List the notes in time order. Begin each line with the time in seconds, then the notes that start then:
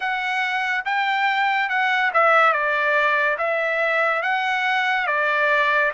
0.00 F#5
0.85 G5
1.69 F#5
2.13 E5
2.52 D5
3.38 E5
4.22 F#5
5.07 D5